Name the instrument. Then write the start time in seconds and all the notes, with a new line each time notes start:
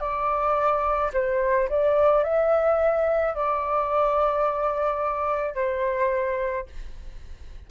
flute
0.00 D5
1.14 C5
1.70 D5
2.24 E5
3.35 D5
5.55 C5